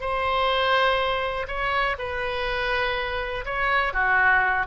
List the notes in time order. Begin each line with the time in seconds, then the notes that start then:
0.00 C5
1.47 C#5
1.98 B4
3.45 C#5
3.93 F#4